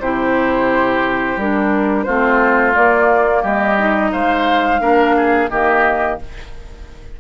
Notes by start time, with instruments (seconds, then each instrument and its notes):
0.00 bassoon C3, clarinet E4, oboe G4, flute C5
1.37 bassoon G3, clarinet D4, flute A#4
2.03 bassoon A3, clarinet C4, oboe F4, flute C5
2.73 clarinet A#3, bassoon A#3, flute D5
3.43 bassoon G3, oboe G4, flute D#5
3.78 clarinet D#4
4.13 bassoon G#3, oboe C5, flute F5
4.80 bassoon A#3, clarinet D4, oboe A#4
5.17 oboe G#4
5.50 bassoon D#3, clarinet A#3, oboe G4, flute D#5